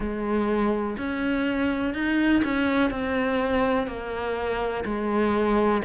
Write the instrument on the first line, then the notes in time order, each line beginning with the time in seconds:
cello
0.00 G#3
0.97 C#4
1.94 D#4
2.44 C#4
2.90 C4
3.87 A#3
4.84 G#3